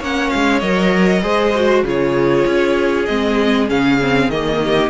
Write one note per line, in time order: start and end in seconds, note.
0.00 0.32 A#3
0.00 0.63 C#4
0.00 1.22 C#5
0.00 0.30 F#5
0.30 0.62 G#3
0.30 0.60 F5
0.60 1.23 F#3
0.60 1.22 A#4
0.60 1.82 D#5
1.22 1.83 G#3
1.22 1.53 G#4
1.22 1.85 C5
1.56 1.86 F#4
1.83 2.45 C#3
1.83 3.08 F4
1.83 4.61 G#4
1.83 3.06 C#5
2.47 3.08 C#4
3.06 3.71 G#3
3.06 3.68 C4
3.06 3.67 D#5
3.68 4.29 C#3
3.68 3.98 C#4
3.68 4.31 F5
4.02 4.32 C4
4.29 4.90 D#3
4.29 4.91 A#3
4.29 4.91 D#5
4.64 4.91 G4